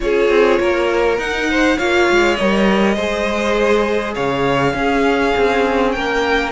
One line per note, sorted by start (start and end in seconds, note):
0.00 0.29 C#4
0.00 1.17 F4
0.00 0.60 G#4
0.00 1.19 C#5
0.29 0.59 C4
0.59 1.18 A#3
0.59 1.49 A#4
1.18 1.77 D#4
1.18 1.78 F#5
1.50 1.77 C5
1.77 2.09 A#3
1.77 2.37 F4
1.77 2.95 C#5
1.77 2.35 F5
2.10 2.40 G#3
2.35 2.96 G3
2.35 2.97 A#4
2.35 4.13 D#5
2.95 4.15 G#3
2.95 4.74 G#4
2.95 4.13 C5
4.14 4.73 C#3
4.14 4.73 C#5
4.14 5.91 F5
4.73 5.33 C#4
4.73 6.51 C#4
4.73 5.95 G#4
5.36 5.96 C4
5.91 6.51 A#3
5.91 6.51 A#4
5.91 6.50 G5